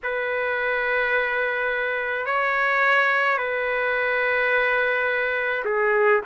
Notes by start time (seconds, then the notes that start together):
0.03 B4
2.26 C#5
3.37 B4
5.64 G#4